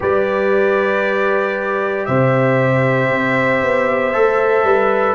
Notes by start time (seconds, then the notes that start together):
0.00 G3 G4 B4 D5
2.05 C3 C5 E5
3.10 C4
3.62 B3
4.13 A3 A4
4.63 G3 B4